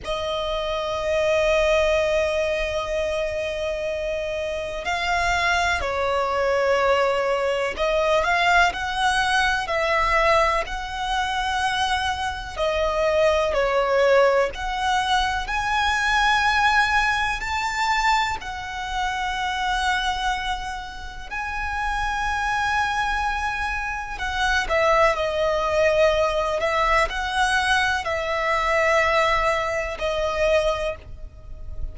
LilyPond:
\new Staff \with { instrumentName = "violin" } { \time 4/4 \tempo 4 = 62 dis''1~ | dis''4 f''4 cis''2 | dis''8 f''8 fis''4 e''4 fis''4~ | fis''4 dis''4 cis''4 fis''4 |
gis''2 a''4 fis''4~ | fis''2 gis''2~ | gis''4 fis''8 e''8 dis''4. e''8 | fis''4 e''2 dis''4 | }